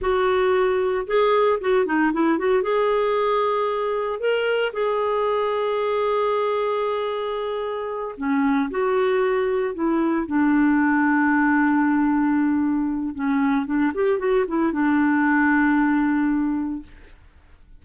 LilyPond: \new Staff \with { instrumentName = "clarinet" } { \time 4/4 \tempo 4 = 114 fis'2 gis'4 fis'8 dis'8 | e'8 fis'8 gis'2. | ais'4 gis'2.~ | gis'2.~ gis'8 cis'8~ |
cis'8 fis'2 e'4 d'8~ | d'1~ | d'4 cis'4 d'8 g'8 fis'8 e'8 | d'1 | }